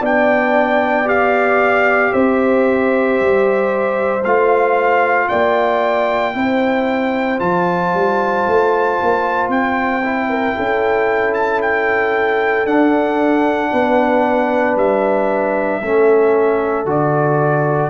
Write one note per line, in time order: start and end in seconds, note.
0.00 2.11 B3
0.00 1.05 D4
0.00 2.11 D5
0.00 1.08 G5
1.05 4.20 G4
1.05 2.12 F5
2.12 3.19 C4
2.12 5.28 C5
2.12 4.23 E5
3.20 4.23 G3
4.23 5.28 A3
4.23 6.33 F4
4.23 5.28 F5
5.28 6.34 A#3
5.28 6.35 D5
5.28 7.39 G5
6.33 7.39 C4
6.33 7.38 E4
6.33 10.29 C5
7.39 7.93 F3
7.39 10.02 F4
7.39 9.50 A5
7.93 8.46 G3
8.46 8.99 A3
9.02 9.48 A#3
9.48 10.53 C4
9.48 11.34 G5
10.03 12.66 E4
10.29 10.55 A#4
10.55 12.64 C#4
10.55 13.71 A4
11.34 11.60 A5
11.61 12.66 G5
12.64 13.69 D4
12.64 15.82 D4
12.64 14.77 F#5
13.71 14.75 B3
13.71 15.82 B4
14.75 15.80 G3
14.75 16.88 E5
15.81 16.85 A3
15.81 16.85 C#4
15.81 17.90 A4
16.85 17.90 D3
16.85 17.90 F#4
16.85 17.90 D5